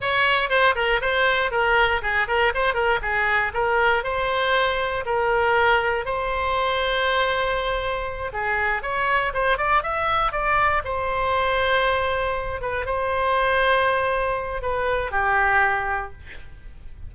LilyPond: \new Staff \with { instrumentName = "oboe" } { \time 4/4 \tempo 4 = 119 cis''4 c''8 ais'8 c''4 ais'4 | gis'8 ais'8 c''8 ais'8 gis'4 ais'4 | c''2 ais'2 | c''1~ |
c''8 gis'4 cis''4 c''8 d''8 e''8~ | e''8 d''4 c''2~ c''8~ | c''4 b'8 c''2~ c''8~ | c''4 b'4 g'2 | }